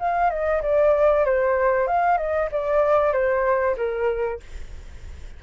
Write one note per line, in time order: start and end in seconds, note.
0.00 0.30 F5
0.30 0.62 D#5
0.62 1.25 D5
1.25 1.87 C5
1.87 2.18 F5
2.18 2.49 D#5
2.52 3.13 D5
3.13 3.76 C5
3.77 4.40 A#4